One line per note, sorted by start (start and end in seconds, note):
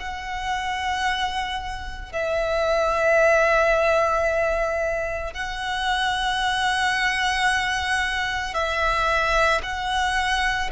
0.00 2.13 F#5
2.13 5.34 E5
5.34 8.54 F#5
8.54 9.61 E5
9.63 10.70 F#5